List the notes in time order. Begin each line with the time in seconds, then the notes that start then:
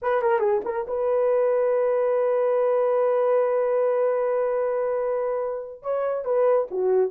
0.01 B4
0.22 A#4
0.39 G#4
0.64 A#4
0.87 B4
5.82 C#5
6.25 B4
6.70 F#4